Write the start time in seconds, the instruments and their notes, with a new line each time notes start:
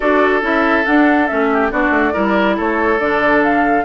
0.00 bassoon D4, clarinet F#4, oboe A4, flute D5
0.42 bassoon C#4, clarinet E4, flute E5
0.85 clarinet D4, bassoon D4, flute F#5
1.27 bassoon A3, clarinet C#4, flute E5
1.53 oboe G4
1.70 bassoon B3, clarinet D4, oboe F#4, flute D5
1.90 bassoon A3
2.13 bassoon G3, clarinet E4, oboe A#4
2.56 bassoon A3, oboe A4, flute C#5
2.99 bassoon D3, clarinet D4, flute D5
3.43 flute F5